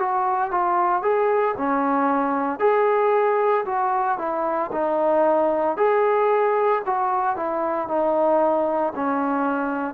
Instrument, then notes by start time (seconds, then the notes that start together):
trombone
0.00 F#4
0.51 F4
1.03 G#4
1.58 C#4
2.60 G#4
3.66 F#4
4.19 E4
4.72 D#4
5.78 G#4
6.86 F#4
7.36 E4
7.88 D#4
8.96 C#4